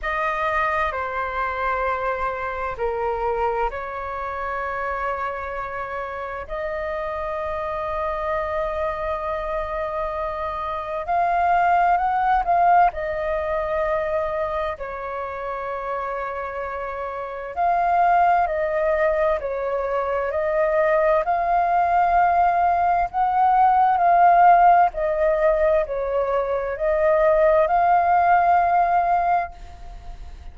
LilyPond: \new Staff \with { instrumentName = "flute" } { \time 4/4 \tempo 4 = 65 dis''4 c''2 ais'4 | cis''2. dis''4~ | dis''1 | f''4 fis''8 f''8 dis''2 |
cis''2. f''4 | dis''4 cis''4 dis''4 f''4~ | f''4 fis''4 f''4 dis''4 | cis''4 dis''4 f''2 | }